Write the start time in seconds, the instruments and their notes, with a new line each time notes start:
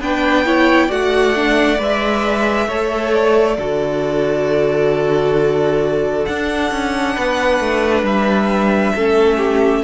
0.00 cello B3, viola D4, violin B4 G5
0.45 viola E4, violin C#5
0.87 cello A3, viola F#4, violin D5 F#5
1.35 viola D4
1.78 cello G#3, viola B4, violin E5
2.68 cello A3, viola A4, violin C#5
3.14 violin D5
3.58 cello D3, viola F#4, violin A4
6.26 viola D4, cello D4, violin F#5
6.71 cello C#4
7.15 cello B3, violin B4
7.60 cello A3
8.03 cello G3, violin E5
8.96 cello A3, viola C#4, violin A4
9.37 violin G4